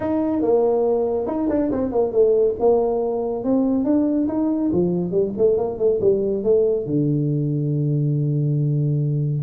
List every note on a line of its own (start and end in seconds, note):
0.00 0.41 D#4
0.41 1.26 A#3
1.26 1.48 D#4
1.49 1.70 D4
1.71 1.91 C4
1.91 2.12 A#3
2.12 2.55 A3
2.59 3.44 A#3
3.44 3.84 C4
3.84 4.27 D4
4.28 4.71 D#4
4.72 5.11 F3
5.11 5.32 G3
5.37 5.57 A3
5.57 5.78 A#3
5.78 5.99 A3
6.00 6.43 G3
6.43 6.86 A3
6.86 9.42 D3